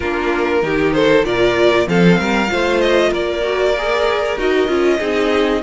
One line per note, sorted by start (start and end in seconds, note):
0.00 0.62 A#3
0.00 0.62 D4
0.00 0.61 F4
0.00 0.93 A#4
0.62 1.24 D#3
0.62 1.24 D#4
0.62 0.95 G4
0.93 1.26 A4
0.93 1.24 C5
1.24 1.87 A#2
1.24 1.86 F4
1.24 1.88 A#4
1.24 1.87 D5
1.86 2.18 F3
1.86 2.46 C4
1.86 2.19 A4
1.86 2.80 F5
2.18 2.50 G3
2.18 2.50 A#4
2.46 3.12 A3
2.46 3.40 F4
2.46 3.10 C5
2.80 3.12 D#5
3.10 4.37 A#3
3.10 4.97 A#4
3.10 4.39 D5
3.42 3.74 F#4
3.77 4.37 G#4
4.37 4.68 D#4
4.37 4.68 F#4
4.37 5.62 D#5
4.68 4.99 C#4
4.68 4.99 F4
4.99 5.62 C4
4.99 5.62 D#4
4.99 5.61 G#4